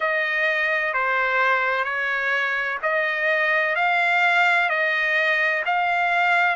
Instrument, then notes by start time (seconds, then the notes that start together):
trumpet
0.00 D#5
0.93 C5
1.84 C#5
2.82 D#5
3.75 F5
4.69 D#5
5.65 F5